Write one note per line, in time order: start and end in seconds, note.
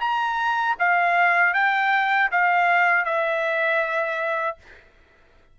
0.00 0.76 A#5
0.79 1.54 F5
1.54 2.30 G5
2.31 3.05 F5
3.05 4.57 E5